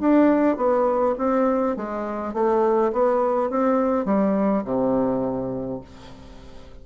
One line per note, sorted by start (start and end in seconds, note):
0.00 0.57 D4
0.57 1.15 B3
1.18 1.77 C4
1.77 2.34 G#3
2.34 2.92 A3
2.93 3.50 B3
3.50 4.06 C4
4.06 4.64 G3
4.65 5.81 C3